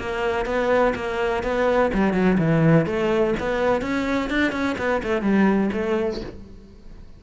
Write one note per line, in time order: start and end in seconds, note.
0.00 0.46 A#3
0.46 0.94 B3
0.96 1.44 A#3
1.44 1.92 B3
1.94 2.14 G3
2.14 2.38 F#3
2.38 2.86 E3
2.86 3.34 A3
3.40 3.82 B3
3.82 4.30 C#4
4.30 4.53 D4
4.53 4.77 C#4
4.78 5.02 B3
5.04 5.22 A3
5.22 5.70 G3
5.73 6.21 A3